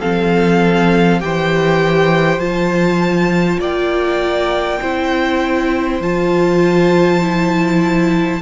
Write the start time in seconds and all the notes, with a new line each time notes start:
0.00 F3 C4 A4 F5
1.21 E3 G4 C5 G5
2.39 F3 F4 A5
3.59 A#3 D5 G5
4.82 C4 E4 C5
6.00 F3 F4 A5
7.22 E4